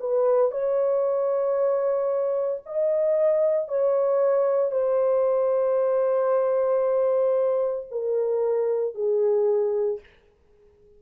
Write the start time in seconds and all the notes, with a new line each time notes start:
0.00 B4
0.52 C#5
2.66 D#5
3.68 C#5
4.71 C5
7.91 A#4
8.95 G#4